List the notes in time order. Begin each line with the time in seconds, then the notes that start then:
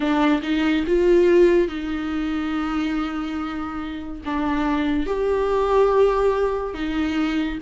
0.00 D4
0.42 D#4
0.86 F4
1.68 D#4
4.25 D4
5.06 G4
6.73 D#4